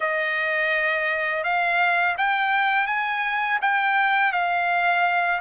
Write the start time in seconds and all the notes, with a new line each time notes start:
0.00 D#5
1.43 F5
2.17 G5
2.87 G#5
3.61 G5
4.32 F5